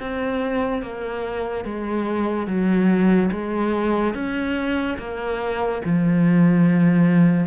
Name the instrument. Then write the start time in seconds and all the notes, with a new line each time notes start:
cello
0.00 C4
0.83 A#3
1.65 G#3
2.47 F#3
3.32 G#3
4.14 C#4
4.99 A#3
5.85 F3